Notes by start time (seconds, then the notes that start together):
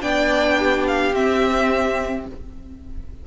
0.00 B3 D4 D5 G5
0.58 G4
0.87 F5
1.13 C4 E5